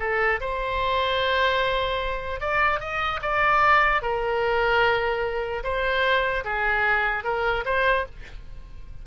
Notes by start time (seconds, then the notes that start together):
0.00 A4
0.41 C5
2.41 D5
2.80 D#5
3.23 D5
4.02 A#4
5.64 C5
6.45 G#4
7.25 A#4
7.66 C5